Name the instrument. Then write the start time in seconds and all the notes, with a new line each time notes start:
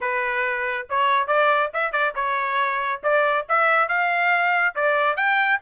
trumpet
0.00 B4
0.89 C#5
1.27 D5
1.73 E5
1.92 D5
2.15 C#5
3.03 D5
3.48 E5
3.88 F5
4.75 D5
5.16 G5